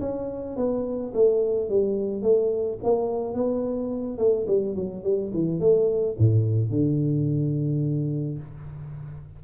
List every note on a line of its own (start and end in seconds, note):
0.00 0.56 C#4
0.56 1.12 B3
1.14 1.69 A3
1.69 2.22 G3
2.22 2.78 A3
2.83 3.34 A#3
3.34 4.18 B3
4.18 4.46 A3
4.47 4.75 G3
4.75 5.03 F#3
5.04 5.32 G3
5.33 5.60 E3
5.60 6.16 A3
6.18 6.70 A2
6.70 8.38 D3